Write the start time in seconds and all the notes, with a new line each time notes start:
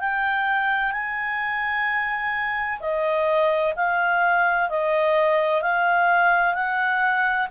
0.00 G5
0.92 G#5
2.80 D#5
3.77 F5
4.70 D#5
5.62 F5
6.54 F#5